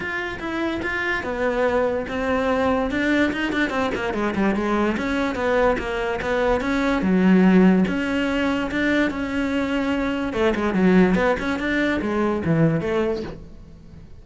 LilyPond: \new Staff \with { instrumentName = "cello" } { \time 4/4 \tempo 4 = 145 f'4 e'4 f'4 b4~ | b4 c'2 d'4 | dis'8 d'8 c'8 ais8 gis8 g8 gis4 | cis'4 b4 ais4 b4 |
cis'4 fis2 cis'4~ | cis'4 d'4 cis'2~ | cis'4 a8 gis8 fis4 b8 cis'8 | d'4 gis4 e4 a4 | }